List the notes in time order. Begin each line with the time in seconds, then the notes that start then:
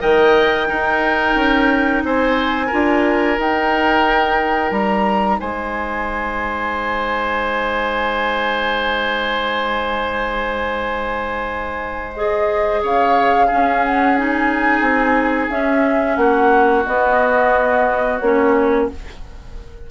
0.00 D#3 A#4 D#5 G5
0.67 D#4 A#4
1.36 C#4
2.04 C4 C5 G#5
2.67 D4 F4 A#4
3.37 D#4 G5
4.72 G3 A#5
5.40 G#3 C5 G#5
12.15 G#4 D#5
12.83 C#3 C#5 F5
13.47 C#4 G#4
13.54 C#4
13.85 F#5
14.18 D#4 G#5
14.81 C4
15.50 C#4 E5
16.17 A#3 F#4 F#5
16.86 B3 D#5
18.20 A#3 C#4 C#5